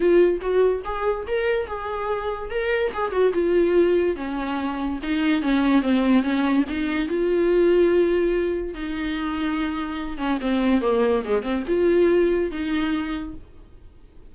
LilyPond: \new Staff \with { instrumentName = "viola" } { \time 4/4 \tempo 4 = 144 f'4 fis'4 gis'4 ais'4 | gis'2 ais'4 gis'8 fis'8 | f'2 cis'2 | dis'4 cis'4 c'4 cis'4 |
dis'4 f'2.~ | f'4 dis'2.~ | dis'8 cis'8 c'4 ais4 gis8 c'8 | f'2 dis'2 | }